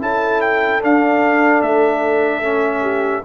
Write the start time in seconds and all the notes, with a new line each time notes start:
0.00 C#4 E4 A4 A5
0.41 G5
0.81 D4 F5
1.62 A3 E5
2.42 C#4
2.81 G4